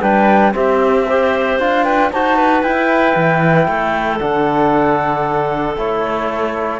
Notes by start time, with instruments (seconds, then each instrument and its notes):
0.00 cello G3, trombone D4, clarinet B4, flute G5
0.52 trombone C4, cello C4, clarinet G4, flute E5
1.07 trombone G4, clarinet C5
1.59 cello D4, trombone F4, flute F5
1.84 clarinet B4, flute G5
2.12 cello D#4, trombone F#4, clarinet C5, flute A5
2.37 clarinet B4
2.62 cello E4, trombone E4, flute G5
3.15 cello E3
3.68 cello A3, clarinet A4
4.18 cello D3, trombone D4, flute F#5
5.76 cello A3, trombone E4, flute C#5